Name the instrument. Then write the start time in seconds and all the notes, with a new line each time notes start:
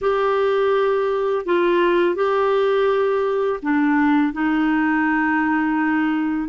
clarinet
0.01 G4
1.45 F4
2.15 G4
3.62 D4
4.32 D#4